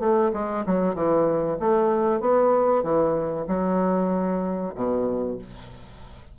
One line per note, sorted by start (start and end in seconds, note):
0.00 0.32 A3
0.34 0.65 G#3
0.66 0.95 F#3
0.95 1.58 E3
1.60 2.21 A3
2.21 2.84 B3
2.84 3.47 E3
3.48 4.75 F#3
4.75 5.38 B2